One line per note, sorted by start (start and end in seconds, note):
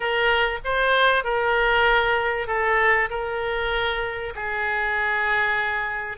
0.00 0.59 A#4
0.64 1.24 C5
1.24 2.47 A#4
2.47 3.09 A4
3.09 4.33 A#4
4.35 6.17 G#4